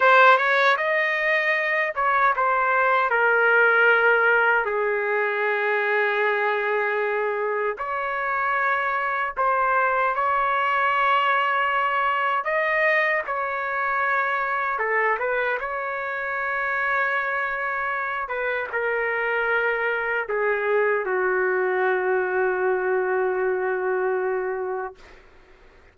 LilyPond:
\new Staff \with { instrumentName = "trumpet" } { \time 4/4 \tempo 4 = 77 c''8 cis''8 dis''4. cis''8 c''4 | ais'2 gis'2~ | gis'2 cis''2 | c''4 cis''2. |
dis''4 cis''2 a'8 b'8 | cis''2.~ cis''8 b'8 | ais'2 gis'4 fis'4~ | fis'1 | }